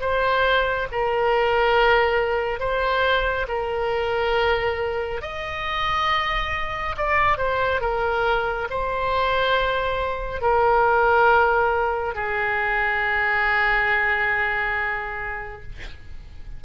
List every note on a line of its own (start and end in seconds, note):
0.00 0.87 C5
0.91 2.59 A#4
2.59 3.46 C5
3.48 5.21 A#4
5.21 6.95 D#5
6.97 7.37 D5
7.37 7.81 C5
7.81 8.68 A#4
8.70 10.41 C5
10.41 12.15 A#4
12.15 15.62 G#4